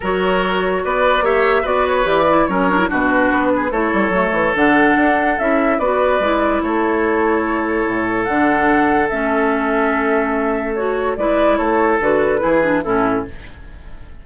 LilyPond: <<
  \new Staff \with { instrumentName = "flute" } { \time 4/4 \tempo 4 = 145 cis''2 d''4 e''4 | d''8 cis''8 d''4 cis''4 b'4~ | b'4 cis''2 fis''4~ | fis''4 e''4 d''2 |
cis''1 | fis''2 e''2~ | e''2 cis''4 d''4 | cis''4 b'2 a'4 | }
  \new Staff \with { instrumentName = "oboe" } { \time 4/4 ais'2 b'4 cis''4 | b'2 ais'4 fis'4~ | fis'8 gis'8 a'2.~ | a'2 b'2 |
a'1~ | a'1~ | a'2. b'4 | a'2 gis'4 e'4 | }
  \new Staff \with { instrumentName = "clarinet" } { \time 4/4 fis'2. g'4 | fis'4 g'8 e'8 cis'8 d'16 e'16 d'4~ | d'4 e'4 a4 d'4~ | d'4 e'4 fis'4 e'4~ |
e'1 | d'2 cis'2~ | cis'2 fis'4 e'4~ | e'4 fis'4 e'8 d'8 cis'4 | }
  \new Staff \with { instrumentName = "bassoon" } { \time 4/4 fis2 b4 ais4 | b4 e4 fis4 b,4 | b4 a8 g8 fis8 e8 d4 | d'4 cis'4 b4 gis4 |
a2. a,4 | d2 a2~ | a2. gis4 | a4 d4 e4 a,4 | }
>>